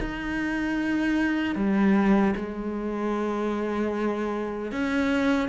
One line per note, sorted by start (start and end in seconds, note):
0.00 1.55 D#4
1.55 2.34 G3
2.36 4.72 G#3
4.72 5.48 C#4